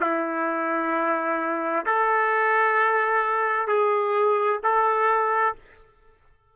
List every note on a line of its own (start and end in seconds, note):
0.00 1.85 E4
1.85 3.67 A4
3.67 4.59 G#4
4.63 5.55 A4